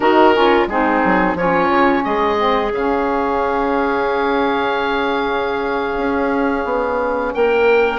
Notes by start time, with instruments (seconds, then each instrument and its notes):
0.00 bassoon D#3, saxophone D#4, clarinet F#4, oboe A#4
0.33 saxophone C#4, clarinet F4
0.66 bassoon G#3, saxophone C4, clarinet D#4, oboe G#4
1.04 bassoon F#3
1.34 bassoon F3, saxophone C#4, clarinet F4, oboe C#5
1.69 bassoon C#3
2.03 bassoon G#3, clarinet G#4, oboe D#5
2.37 saxophone C4
2.71 bassoon C#3, saxophone C#4, oboe F5
5.97 bassoon C#4
6.64 bassoon B3
7.34 bassoon A#3, clarinet A#4, oboe G5